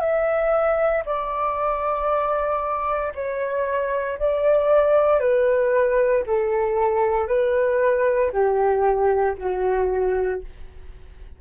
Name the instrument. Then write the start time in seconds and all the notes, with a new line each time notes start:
flute
0.00 E5
1.06 D5
3.15 C#5
4.19 D5
5.20 B4
6.26 A4
7.27 B4
8.32 G4
9.38 F#4